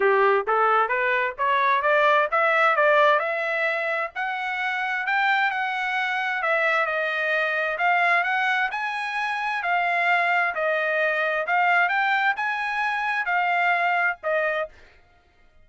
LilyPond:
\new Staff \with { instrumentName = "trumpet" } { \time 4/4 \tempo 4 = 131 g'4 a'4 b'4 cis''4 | d''4 e''4 d''4 e''4~ | e''4 fis''2 g''4 | fis''2 e''4 dis''4~ |
dis''4 f''4 fis''4 gis''4~ | gis''4 f''2 dis''4~ | dis''4 f''4 g''4 gis''4~ | gis''4 f''2 dis''4 | }